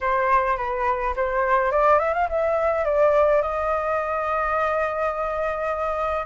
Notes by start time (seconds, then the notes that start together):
0.01 C5
0.57 B4
1.16 C5
1.71 D5
1.99 E5
2.13 F5
2.29 E5
2.84 D5
3.42 D#5